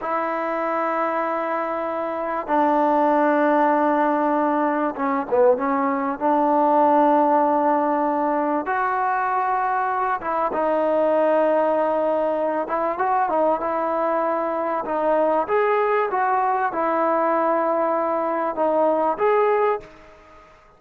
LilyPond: \new Staff \with { instrumentName = "trombone" } { \time 4/4 \tempo 4 = 97 e'1 | d'1 | cis'8 b8 cis'4 d'2~ | d'2 fis'2~ |
fis'8 e'8 dis'2.~ | dis'8 e'8 fis'8 dis'8 e'2 | dis'4 gis'4 fis'4 e'4~ | e'2 dis'4 gis'4 | }